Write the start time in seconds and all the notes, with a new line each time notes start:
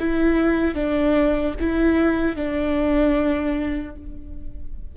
0.00 E4
0.75 D4
1.60 E4
2.36 D4